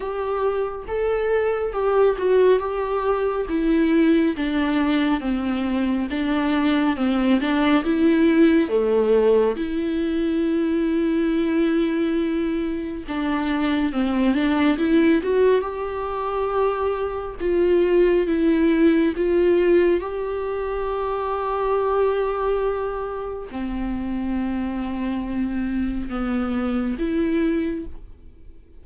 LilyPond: \new Staff \with { instrumentName = "viola" } { \time 4/4 \tempo 4 = 69 g'4 a'4 g'8 fis'8 g'4 | e'4 d'4 c'4 d'4 | c'8 d'8 e'4 a4 e'4~ | e'2. d'4 |
c'8 d'8 e'8 fis'8 g'2 | f'4 e'4 f'4 g'4~ | g'2. c'4~ | c'2 b4 e'4 | }